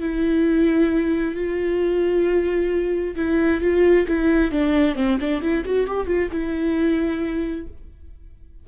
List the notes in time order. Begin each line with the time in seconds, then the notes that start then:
0.00 E4
1.35 F4
3.16 E4
3.61 F4
4.08 E4
4.52 D4
4.95 C4
5.20 D4
5.42 E4
5.65 F#4
5.87 G4
6.06 F4
6.32 E4